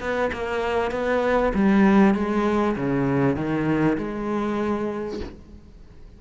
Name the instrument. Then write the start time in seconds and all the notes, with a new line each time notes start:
cello
0.00 B3
0.32 A#3
0.91 B3
1.54 G3
2.14 G#3
2.76 C#3
3.36 D#3
3.97 G#3